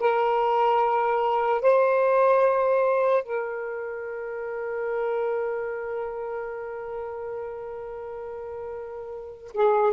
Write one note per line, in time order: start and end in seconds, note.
0.00 1.62 A#4
1.62 3.24 C5
3.24 9.52 A#4
9.54 9.93 G#4